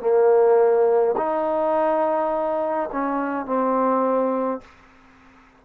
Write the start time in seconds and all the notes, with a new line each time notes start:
0.00 A#3
1.17 D#4
2.93 C#4
3.46 C4